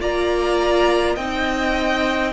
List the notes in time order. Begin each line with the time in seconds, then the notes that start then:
0.00 A#3 F4 D5 A#5
1.16 C4 D#4 D#5 G5